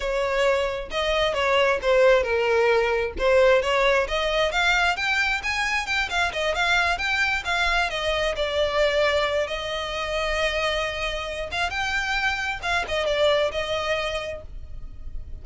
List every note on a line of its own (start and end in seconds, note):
0.00 0.89 C#5
0.90 1.34 D#5
1.34 1.79 C#5
1.82 2.23 C5
2.23 3.13 A#4
3.18 3.62 C5
3.62 4.07 C#5
4.07 4.51 D#5
4.51 4.96 F5
4.96 5.41 G5
5.43 5.86 G#5
5.86 6.09 G5
6.09 6.32 F5
6.32 6.54 D#5
6.54 6.98 F5
6.98 7.43 G5
7.44 7.89 F5
7.90 8.35 D#5
8.36 9.47 D5
9.47 11.50 D#5
11.51 11.70 F5
11.70 12.60 G5
12.62 12.85 F5
12.88 13.06 D#5
13.06 13.51 D5
13.51 14.42 D#5